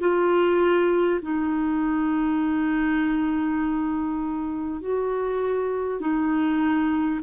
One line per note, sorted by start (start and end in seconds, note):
0.00 1.20 F4
1.22 4.81 D#4
4.81 6.01 F#4
6.01 7.21 D#4